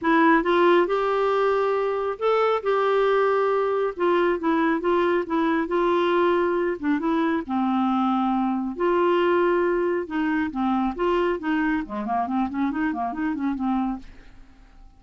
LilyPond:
\new Staff \with { instrumentName = "clarinet" } { \time 4/4 \tempo 4 = 137 e'4 f'4 g'2~ | g'4 a'4 g'2~ | g'4 f'4 e'4 f'4 | e'4 f'2~ f'8 d'8 |
e'4 c'2. | f'2. dis'4 | c'4 f'4 dis'4 gis8 ais8 | c'8 cis'8 dis'8 ais8 dis'8 cis'8 c'4 | }